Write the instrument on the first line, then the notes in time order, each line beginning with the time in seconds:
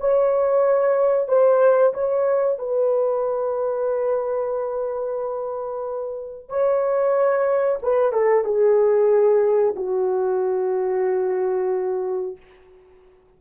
horn
0.00 C#5
1.28 C5
1.94 C#5
2.58 B4
6.49 C#5
7.83 B4
8.13 A4
8.44 G#4
9.76 F#4